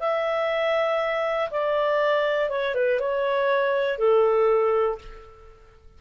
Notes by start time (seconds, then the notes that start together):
0.00 E5
1.51 D5
2.50 C#5
2.75 B4
3.00 C#5
3.99 A4